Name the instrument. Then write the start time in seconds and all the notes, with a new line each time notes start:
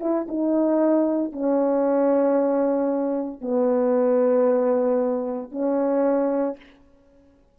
horn
0.00 E4
0.28 D#4
1.32 C#4
3.41 B3
5.51 C#4